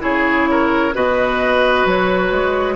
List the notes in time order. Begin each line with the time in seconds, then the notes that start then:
0.00 C#3 E4 G#4 C#5
0.51 A#4
0.95 B2 F#4 B4 D#5
1.86 F#3 C#5
2.31 G#3